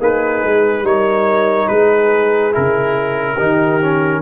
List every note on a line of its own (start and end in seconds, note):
0.00 0.43 A#3
0.00 0.85 D#4
0.00 0.84 G#4
0.00 0.86 B4
0.44 0.83 G#3
0.83 1.67 G3
0.83 2.52 D#4
0.83 1.70 A#4
0.83 1.68 C#5
1.68 2.54 G#3
1.68 3.36 G#4
1.68 2.53 B4
2.52 3.39 C#3
2.52 3.37 E4
2.52 4.22 A#4
3.36 4.22 D#3
3.36 3.81 D#4
3.36 4.21 G4
3.82 4.22 C#4